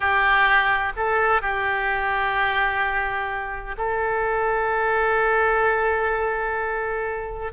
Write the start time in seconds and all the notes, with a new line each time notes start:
0.00 G4
0.96 A4
1.41 G4
3.77 A4